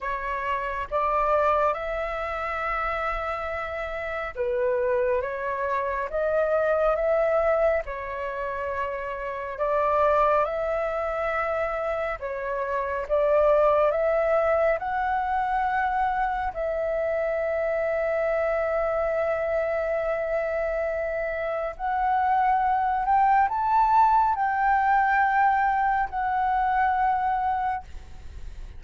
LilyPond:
\new Staff \with { instrumentName = "flute" } { \time 4/4 \tempo 4 = 69 cis''4 d''4 e''2~ | e''4 b'4 cis''4 dis''4 | e''4 cis''2 d''4 | e''2 cis''4 d''4 |
e''4 fis''2 e''4~ | e''1~ | e''4 fis''4. g''8 a''4 | g''2 fis''2 | }